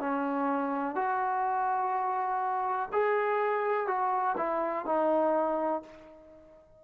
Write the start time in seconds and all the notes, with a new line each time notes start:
0.00 C#4
0.95 F#4
2.93 G#4
3.88 F#4
4.38 E4
4.86 D#4